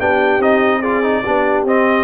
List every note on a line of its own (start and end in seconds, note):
0.00 0.39 B3
0.00 0.42 D4
0.00 0.80 G4
0.00 0.42 G5
0.39 1.22 C4
0.39 0.83 D#4
0.39 0.82 D#5
0.80 1.04 F4
0.80 1.22 G#4
0.80 1.66 D5
1.04 1.24 D#4
1.26 1.65 B3
1.26 1.68 D4
1.26 2.04 G4
1.65 2.04 C4
1.65 2.04 D#5